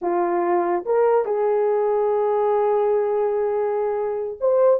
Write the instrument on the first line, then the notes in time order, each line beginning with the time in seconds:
horn
0.01 F4
0.85 A#4
1.25 G#4
4.40 C5